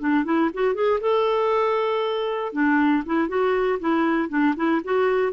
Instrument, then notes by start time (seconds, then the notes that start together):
clarinet
0.00 D4
0.25 E4
0.54 F#4
0.75 G#4
1.01 A4
2.53 D4
3.06 E4
3.29 F#4
3.80 E4
4.30 D4
4.57 E4
4.85 F#4